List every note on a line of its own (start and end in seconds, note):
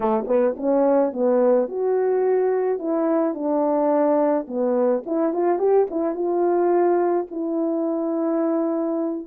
0.00 0.25 A3
0.27 0.55 B3
0.56 1.12 C#4
1.12 1.68 B3
1.68 2.79 F#4
2.79 3.34 E4
3.34 4.46 D4
4.47 5.03 B3
5.06 5.33 E4
5.33 5.58 F4
5.58 5.86 G4
5.90 6.14 E4
6.14 7.26 F4
7.30 9.27 E4